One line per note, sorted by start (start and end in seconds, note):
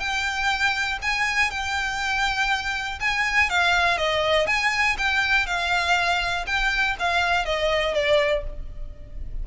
0.00 0.99 G5
1.03 1.51 G#5
1.51 3.00 G5
3.00 3.50 G#5
3.50 3.98 F5
3.98 4.47 D#5
4.47 4.97 G#5
4.99 5.47 G5
5.47 6.46 F5
6.47 6.96 G5
7.00 7.46 F5
7.46 7.94 D#5
7.94 8.44 D5